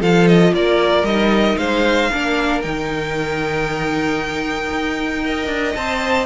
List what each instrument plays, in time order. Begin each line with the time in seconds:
0.00 cello F3, viola F4, violin A4 F5
0.27 violin D#5
0.52 cello A#3, violin A#4 D5
1.03 cello G3, viola D#4, violin D#5
1.57 cello G#3, violin C5 F5
2.11 cello A#3, viola D4, violin A#4
2.61 cello D#3, viola D#4, violin G5
4.70 cello D#4
5.23 viola A#4, violin D#5
5.47 cello D4
5.75 cello C4, viola C5, violin A5